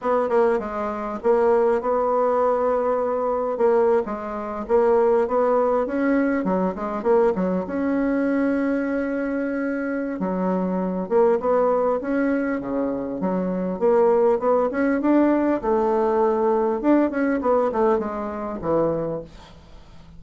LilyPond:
\new Staff \with { instrumentName = "bassoon" } { \time 4/4 \tempo 4 = 100 b8 ais8 gis4 ais4 b4~ | b2 ais8. gis4 ais16~ | ais8. b4 cis'4 fis8 gis8 ais16~ | ais16 fis8 cis'2.~ cis'16~ |
cis'4 fis4. ais8 b4 | cis'4 cis4 fis4 ais4 | b8 cis'8 d'4 a2 | d'8 cis'8 b8 a8 gis4 e4 | }